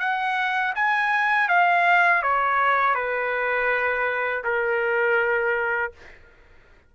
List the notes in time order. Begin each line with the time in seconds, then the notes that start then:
0.00 F#5
0.76 G#5
1.49 F5
2.23 C#5
2.95 B4
4.44 A#4